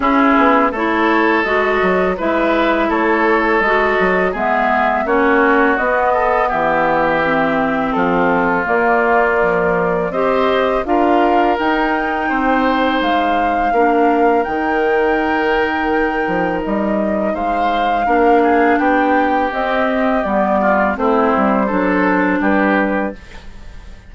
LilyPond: <<
  \new Staff \with { instrumentName = "flute" } { \time 4/4 \tempo 4 = 83 gis'4 cis''4 dis''4 e''4 | cis''4 dis''4 e''4 cis''4 | dis''4 e''2 a'4 | d''2 dis''4 f''4 |
g''2 f''2 | g''2. dis''4 | f''2 g''4 dis''4 | d''4 c''2 b'4 | }
  \new Staff \with { instrumentName = "oboe" } { \time 4/4 e'4 a'2 b'4 | a'2 gis'4 fis'4~ | fis'8 a'8 g'2 f'4~ | f'2 c''4 ais'4~ |
ais'4 c''2 ais'4~ | ais'1 | c''4 ais'8 gis'8 g'2~ | g'8 f'8 e'4 a'4 g'4 | }
  \new Staff \with { instrumentName = "clarinet" } { \time 4/4 cis'4 e'4 fis'4 e'4~ | e'4 fis'4 b4 cis'4 | b2 c'2 | ais4 f4 g'4 f'4 |
dis'2. d'4 | dis'1~ | dis'4 d'2 c'4 | b4 c'4 d'2 | }
  \new Staff \with { instrumentName = "bassoon" } { \time 4/4 cis'8 b8 a4 gis8 fis8 gis4 | a4 gis8 fis8 gis4 ais4 | b4 e2 f4 | ais2 c'4 d'4 |
dis'4 c'4 gis4 ais4 | dis2~ dis8 f8 g4 | gis4 ais4 b4 c'4 | g4 a8 g8 fis4 g4 | }
>>